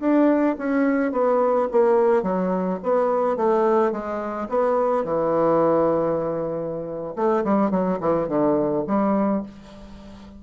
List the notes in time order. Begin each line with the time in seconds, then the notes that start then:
0.00 D4
0.58 C#4
1.12 B3
1.72 A#3
2.23 F#3
2.83 B3
3.37 A3
3.92 G#3
4.49 B3
5.04 E3
7.16 A3
7.45 G3
7.71 F#3
8.01 E3
8.29 D3
8.87 G3